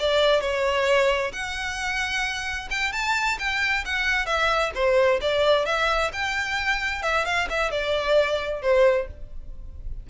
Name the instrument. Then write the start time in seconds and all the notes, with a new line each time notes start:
violin
0.00 D5
0.41 C#5
1.33 F#5
2.70 G5
2.93 A5
3.39 G5
3.85 F#5
4.26 E5
4.75 C5
5.22 D5
5.66 E5
6.13 G5
7.03 E5
7.25 F5
7.50 E5
7.71 D5
8.62 C5